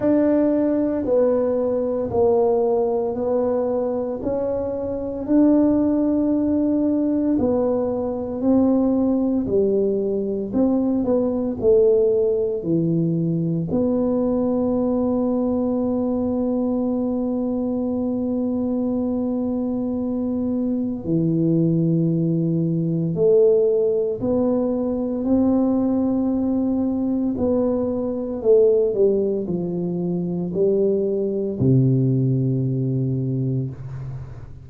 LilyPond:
\new Staff \with { instrumentName = "tuba" } { \time 4/4 \tempo 4 = 57 d'4 b4 ais4 b4 | cis'4 d'2 b4 | c'4 g4 c'8 b8 a4 | e4 b2.~ |
b1 | e2 a4 b4 | c'2 b4 a8 g8 | f4 g4 c2 | }